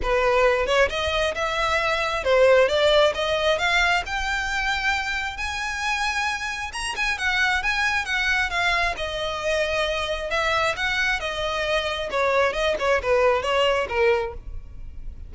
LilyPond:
\new Staff \with { instrumentName = "violin" } { \time 4/4 \tempo 4 = 134 b'4. cis''8 dis''4 e''4~ | e''4 c''4 d''4 dis''4 | f''4 g''2. | gis''2. ais''8 gis''8 |
fis''4 gis''4 fis''4 f''4 | dis''2. e''4 | fis''4 dis''2 cis''4 | dis''8 cis''8 b'4 cis''4 ais'4 | }